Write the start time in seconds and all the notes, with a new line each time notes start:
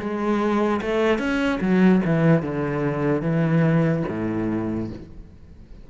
0.00 G#3
0.82 A3
1.19 C#4
1.61 F#3
2.06 E3
2.43 D3
3.22 E3
4.09 A2